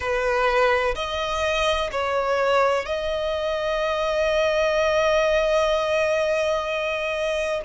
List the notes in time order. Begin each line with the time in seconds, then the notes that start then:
0.00 B4
0.95 D#5
1.91 C#5
2.85 D#5